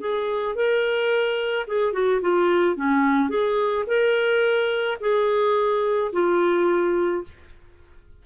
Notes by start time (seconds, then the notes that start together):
0.00 G#4
0.55 A#4
1.67 G#4
1.93 F#4
2.21 F4
2.76 C#4
3.29 G#4
3.87 A#4
5.00 G#4
6.12 F4